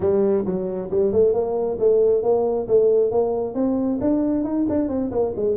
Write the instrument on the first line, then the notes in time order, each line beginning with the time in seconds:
tuba
0.00 G3
0.45 F#3
0.90 G3
1.12 A3
1.33 A#3
1.79 A3
2.22 A#3
2.67 A3
3.11 A#3
3.54 C4
4.00 D4
4.43 D#4
4.69 D4
4.88 C4
5.11 A#3
5.36 G#3